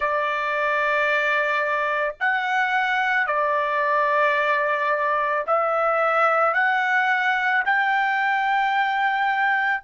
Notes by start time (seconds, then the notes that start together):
0.00 D5
2.20 F#5
3.27 D5
5.46 E5
6.54 F#5
7.65 G5